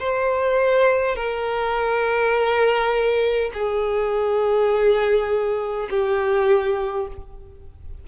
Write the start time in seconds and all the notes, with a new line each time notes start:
0.00 C5
1.16 A#4
3.54 G#4
5.90 G4